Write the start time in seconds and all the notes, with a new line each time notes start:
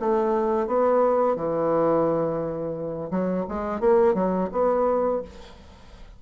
0.00 A3
0.67 B3
1.36 E3
3.10 F#3
3.49 G#3
3.80 A#3
4.14 F#3
4.52 B3